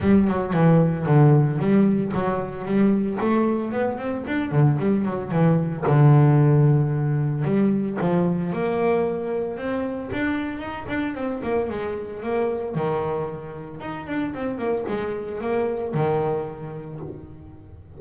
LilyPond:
\new Staff \with { instrumentName = "double bass" } { \time 4/4 \tempo 4 = 113 g8 fis8 e4 d4 g4 | fis4 g4 a4 b8 c'8 | d'8 d8 g8 fis8 e4 d4~ | d2 g4 f4 |
ais2 c'4 d'4 | dis'8 d'8 c'8 ais8 gis4 ais4 | dis2 dis'8 d'8 c'8 ais8 | gis4 ais4 dis2 | }